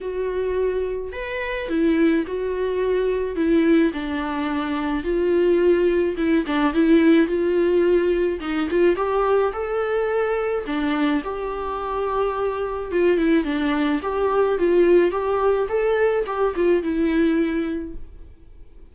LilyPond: \new Staff \with { instrumentName = "viola" } { \time 4/4 \tempo 4 = 107 fis'2 b'4 e'4 | fis'2 e'4 d'4~ | d'4 f'2 e'8 d'8 | e'4 f'2 dis'8 f'8 |
g'4 a'2 d'4 | g'2. f'8 e'8 | d'4 g'4 f'4 g'4 | a'4 g'8 f'8 e'2 | }